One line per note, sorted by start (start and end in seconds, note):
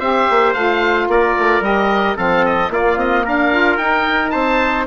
0.00 0.27 C4
0.00 0.55 G4
0.00 1.08 C5
0.00 0.53 E5
0.30 0.55 A#3
0.53 1.08 A3
0.53 1.62 F4
0.53 1.07 F5
1.08 1.35 A#3
1.08 2.17 A#4
1.08 1.64 D5
1.39 1.61 A3
1.61 2.15 G3
1.61 2.16 G4
1.61 2.18 D#5
2.16 2.70 F3
2.16 2.70 C4
2.16 2.71 A4
2.16 2.45 F5
2.45 2.73 D#5
2.70 2.96 A#3
2.70 3.53 A#3
2.70 3.25 F4
2.70 2.99 D5
2.96 3.23 C4
2.96 3.26 D#5
3.25 3.77 D4
3.25 4.32 A#4
3.25 3.77 F5
3.53 3.80 F4
3.77 4.31 D#4
3.77 4.87 D#4
3.77 4.30 G5
4.30 4.87 C4
4.30 4.86 C5
4.30 4.84 A5